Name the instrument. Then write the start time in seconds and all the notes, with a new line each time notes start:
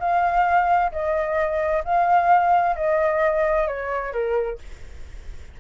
flute
0.00 F5
0.92 D#5
1.84 F5
2.76 D#5
3.67 C#5
4.13 A#4